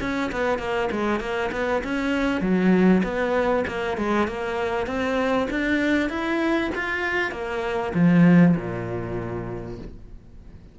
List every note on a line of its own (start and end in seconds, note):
0.00 0.31 C#4
0.31 0.58 B3
0.58 0.89 A#3
0.91 1.20 G#3
1.20 1.50 A#3
1.51 1.82 B3
1.84 2.41 C#4
2.41 3.02 F#3
3.03 3.64 B3
3.67 3.97 A#3
3.97 4.27 G#3
4.27 4.86 A#3
4.86 5.47 C4
5.50 6.09 D4
6.09 6.70 E4
6.75 7.31 F4
7.31 7.92 A#3
7.94 8.55 F3
8.56 9.78 A#2